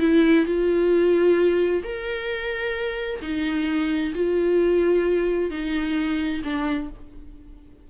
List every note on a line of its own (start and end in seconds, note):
0.00 0.46 E4
0.46 1.83 F4
1.83 3.21 A#4
3.22 4.13 D#4
4.15 5.51 F4
5.51 6.42 D#4
6.44 6.90 D4